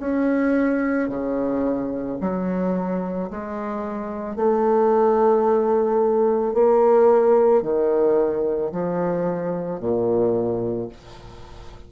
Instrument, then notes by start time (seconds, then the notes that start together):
bassoon
0.00 C#4
1.09 C#3
2.21 F#3
3.30 G#3
4.36 A3
6.54 A#3
7.63 D#3
8.72 F3
9.80 A#2